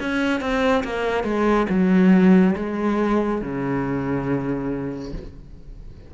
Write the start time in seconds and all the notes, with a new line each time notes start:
0.00 C#4
0.41 C4
0.83 A#3
1.24 G#3
1.69 F#3
2.55 G#3
3.41 C#3